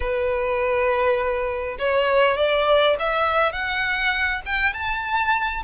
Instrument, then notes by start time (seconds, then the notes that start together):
violin
0.00 B4
1.78 C#5
2.37 D5
2.99 E5
3.52 F#5
4.45 G5
4.73 A5